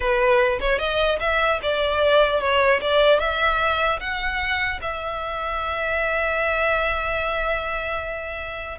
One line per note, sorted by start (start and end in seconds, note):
0.00 0.59 B4
0.60 0.79 C#5
0.79 1.19 D#5
1.20 1.60 E5
1.62 2.40 D5
2.40 2.80 C#5
2.81 3.19 D5
3.19 3.99 E5
3.99 4.79 F#5
4.81 8.78 E5